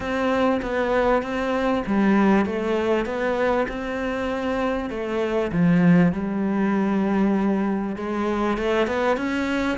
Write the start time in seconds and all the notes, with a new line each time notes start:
0.00 C4
0.62 B3
1.22 C4
1.86 G3
2.45 A3
3.05 B3
3.68 C4
4.90 A3
5.52 F3
6.12 G3
7.96 G#3
8.57 A3
8.87 B3
9.16 C#4